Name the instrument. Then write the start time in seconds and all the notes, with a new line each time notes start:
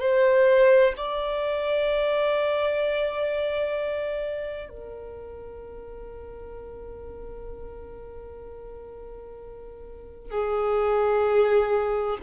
violin
0.00 C5
0.97 D5
4.70 A#4
10.30 G#4